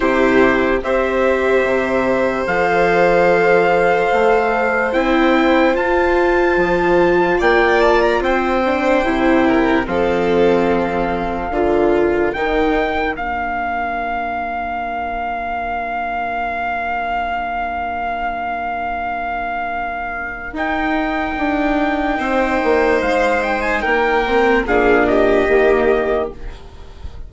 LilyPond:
<<
  \new Staff \with { instrumentName = "trumpet" } { \time 4/4 \tempo 4 = 73 c''4 e''2 f''4~ | f''2 g''4 a''4~ | a''4 g''8 a''16 ais''16 g''2 | f''2. g''4 |
f''1~ | f''1~ | f''4 g''2. | f''8 g''16 gis''16 g''4 f''8 dis''4. | }
  \new Staff \with { instrumentName = "violin" } { \time 4/4 g'4 c''2.~ | c''1~ | c''4 d''4 c''4. ais'8 | a'2 ais'2~ |
ais'1~ | ais'1~ | ais'2. c''4~ | c''4 ais'4 gis'8 g'4. | }
  \new Staff \with { instrumentName = "viola" } { \time 4/4 e'4 g'2 a'4~ | a'2 e'4 f'4~ | f'2~ f'8 d'8 e'4 | c'2 f'4 dis'4 |
d'1~ | d'1~ | d'4 dis'2.~ | dis'4. c'8 d'4 ais4 | }
  \new Staff \with { instrumentName = "bassoon" } { \time 4/4 c4 c'4 c4 f4~ | f4 a4 c'4 f'4 | f4 ais4 c'4 c4 | f2 d4 dis4 |
ais1~ | ais1~ | ais4 dis'4 d'4 c'8 ais8 | gis4 ais4 ais,4 dis4 | }
>>